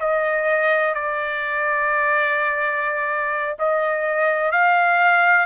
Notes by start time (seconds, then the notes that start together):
0.00 D#5
0.94 D5
3.59 D#5
4.52 F5